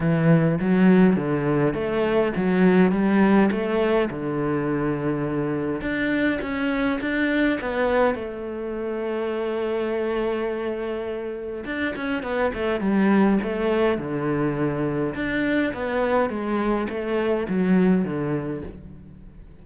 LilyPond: \new Staff \with { instrumentName = "cello" } { \time 4/4 \tempo 4 = 103 e4 fis4 d4 a4 | fis4 g4 a4 d4~ | d2 d'4 cis'4 | d'4 b4 a2~ |
a1 | d'8 cis'8 b8 a8 g4 a4 | d2 d'4 b4 | gis4 a4 fis4 d4 | }